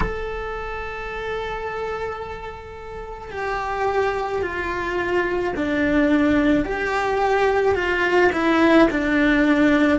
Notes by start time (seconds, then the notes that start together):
0.00 A4
3.30 G4
4.41 F4
5.56 D4
6.64 G4
7.75 F4
8.32 E4
8.90 D4